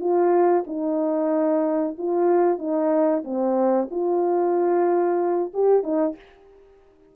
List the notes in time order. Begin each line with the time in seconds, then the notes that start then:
0.00 F4
0.67 D#4
1.98 F4
2.59 D#4
3.25 C4
3.91 F4
5.54 G4
5.83 D#4